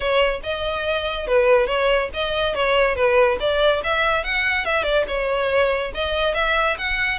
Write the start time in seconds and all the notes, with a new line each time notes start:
0.00 C#5
0.43 D#5
1.27 B4
1.67 C#5
2.13 D#5
2.54 C#5
2.95 B4
3.40 D5
3.83 E5
4.24 F#5
4.65 E5
4.83 D5
5.07 C#5
5.94 D#5
6.34 E5
6.78 F#5